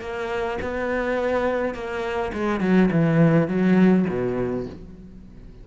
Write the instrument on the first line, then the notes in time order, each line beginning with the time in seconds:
cello
0.00 A#3
0.61 B3
1.74 A#3
2.33 G#3
2.60 F#3
2.91 E3
3.47 F#3
4.08 B2